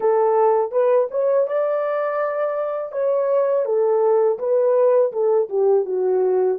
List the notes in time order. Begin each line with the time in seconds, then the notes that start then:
0.00 A4
0.71 B4
1.10 C#5
1.47 D5
2.92 C#5
3.65 A4
4.39 B4
5.12 A4
5.49 G4
5.85 F#4